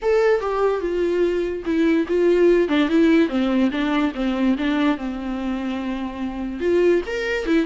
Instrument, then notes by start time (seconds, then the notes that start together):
viola
0.02 A4
0.40 G4
0.80 F4
1.65 E4
2.08 F4
2.68 D4
2.88 E4
3.28 C4
3.71 D4
4.14 C4
4.58 D4
4.97 C4
6.60 F4
7.06 A#4
7.46 E4